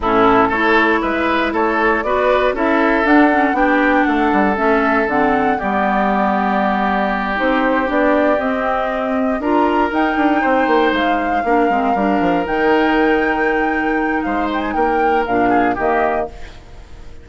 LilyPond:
<<
  \new Staff \with { instrumentName = "flute" } { \time 4/4 \tempo 4 = 118 a'4 cis''4 e''4 cis''4 | d''4 e''4 fis''4 g''4 | fis''4 e''4 fis''4 d''4~ | d''2~ d''8 c''4 d''8~ |
d''8 dis''2 ais''4 g''8~ | g''4. f''2~ f''8~ | f''8 g''2.~ g''8 | f''8 g''16 gis''16 g''4 f''4 dis''4 | }
  \new Staff \with { instrumentName = "oboe" } { \time 4/4 e'4 a'4 b'4 a'4 | b'4 a'2 g'4 | a'2. g'4~ | g'1~ |
g'2~ g'8 ais'4.~ | ais'8 c''2 ais'4.~ | ais'1 | c''4 ais'4. gis'8 g'4 | }
  \new Staff \with { instrumentName = "clarinet" } { \time 4/4 cis'4 e'2. | fis'4 e'4 d'8 cis'8 d'4~ | d'4 cis'4 c'4 b4~ | b2~ b8 dis'4 d'8~ |
d'8 c'2 f'4 dis'8~ | dis'2~ dis'8 d'8 c'8 d'8~ | d'8 dis'2.~ dis'8~ | dis'2 d'4 ais4 | }
  \new Staff \with { instrumentName = "bassoon" } { \time 4/4 a,4 a4 gis4 a4 | b4 cis'4 d'4 b4 | a8 g8 a4 d4 g4~ | g2~ g8 c'4 b8~ |
b8 c'2 d'4 dis'8 | d'8 c'8 ais8 gis4 ais8 gis8 g8 | f8 dis2.~ dis8 | gis4 ais4 ais,4 dis4 | }
>>